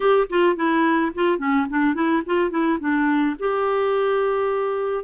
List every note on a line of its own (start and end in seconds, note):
0.00 0.27 G4
0.29 0.56 F4
0.56 1.12 E4
1.14 1.38 F4
1.38 1.66 C#4
1.69 1.94 D4
1.94 2.22 E4
2.26 2.50 F4
2.50 2.78 E4
2.79 3.35 D4
3.39 5.04 G4